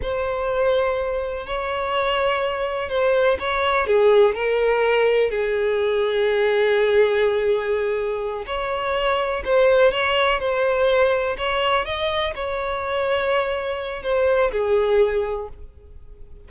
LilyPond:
\new Staff \with { instrumentName = "violin" } { \time 4/4 \tempo 4 = 124 c''2. cis''4~ | cis''2 c''4 cis''4 | gis'4 ais'2 gis'4~ | gis'1~ |
gis'4. cis''2 c''8~ | c''8 cis''4 c''2 cis''8~ | cis''8 dis''4 cis''2~ cis''8~ | cis''4 c''4 gis'2 | }